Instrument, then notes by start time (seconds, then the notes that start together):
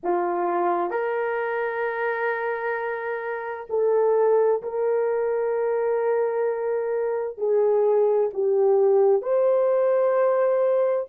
horn
0.03 F4
0.90 A#4
3.69 A4
4.62 A#4
7.37 G#4
8.33 G4
9.21 C5